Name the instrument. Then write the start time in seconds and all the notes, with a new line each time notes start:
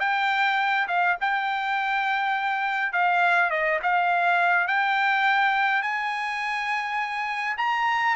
trumpet
0.00 G5
0.88 F5
1.21 G5
2.93 F5
3.51 D#5
3.83 F5
4.68 G5
5.82 G#5
7.58 A#5